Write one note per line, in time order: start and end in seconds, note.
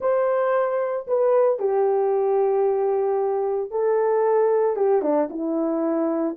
0.00 1.06 C5
1.07 1.59 B4
1.59 3.70 G4
3.70 4.76 A4
4.76 5.02 G4
5.02 5.28 D4
5.30 6.36 E4